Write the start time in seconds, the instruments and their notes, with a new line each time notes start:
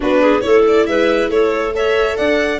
0.00 tuba B3, viola D4, clarinet F#4, violin B4
0.21 clarinet G#4
0.40 tuba A3, viola E4, clarinet A4, violin C#5
0.67 violin D5
0.86 tuba G#3, clarinet B4, violin E5
1.29 tuba A3, clarinet A4, violin C#5
1.74 viola A4, clarinet C#5, violin E5
2.16 tuba D4, clarinet D5, violin F#5